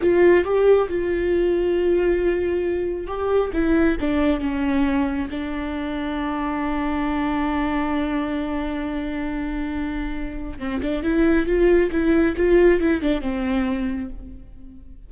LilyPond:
\new Staff \with { instrumentName = "viola" } { \time 4/4 \tempo 4 = 136 f'4 g'4 f'2~ | f'2. g'4 | e'4 d'4 cis'2 | d'1~ |
d'1~ | d'1 | c'8 d'8 e'4 f'4 e'4 | f'4 e'8 d'8 c'2 | }